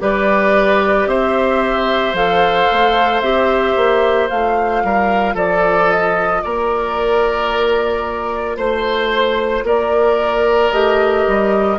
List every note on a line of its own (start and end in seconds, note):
0.00 1.07 G3
0.00 2.14 G4
0.00 1.09 B4
0.00 1.08 D5
1.07 2.14 C4
1.07 4.84 C5
1.07 2.16 E5
2.14 2.67 F3
2.14 3.23 A4
2.14 3.21 F5
2.72 3.22 A3
3.21 3.75 C4
3.21 4.29 G4
3.21 4.28 E5
3.76 4.30 A#3
4.29 4.84 A3
4.29 10.71 F4
4.29 5.37 F5
4.84 5.35 G3
4.84 5.35 A#4
5.35 6.42 F3
5.35 6.42 A4
5.35 5.90 D5
5.90 6.43 D#5
6.43 8.57 A#3
6.43 8.57 A#4
6.43 8.57 D5
8.57 9.64 A3
8.57 9.64 C5
8.57 9.67 C5
9.64 10.71 A#3
9.64 11.79 A#4
9.64 10.73 D5
10.73 11.26 A3
10.73 11.79 G4
10.73 11.79 D#5
11.28 11.79 G3